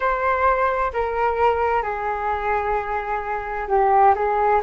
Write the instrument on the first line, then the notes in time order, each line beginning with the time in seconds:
flute
0.00 C5
0.93 A#4
1.82 G#4
3.68 G4
4.15 G#4